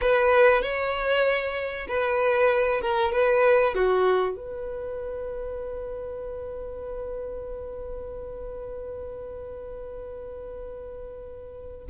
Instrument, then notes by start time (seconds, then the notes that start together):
violin
0.01 B4
0.61 C#5
1.88 B4
2.81 A#4
3.12 B4
3.74 F#4
4.36 B4